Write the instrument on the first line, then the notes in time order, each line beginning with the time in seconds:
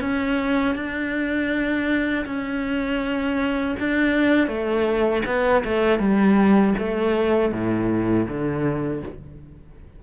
cello
0.00 C#4
0.75 D4
2.25 C#4
3.79 D4
4.47 A3
5.26 B3
5.64 A3
5.99 G3
6.78 A3
7.51 A2
8.27 D3